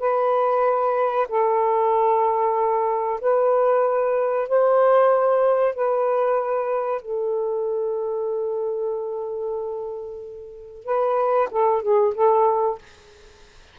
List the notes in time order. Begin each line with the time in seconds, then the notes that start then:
0.00 B4
1.29 A4
3.21 B4
4.49 C5
5.75 B4
7.02 A4
10.85 B4
11.51 A4
11.82 G#4
12.15 A4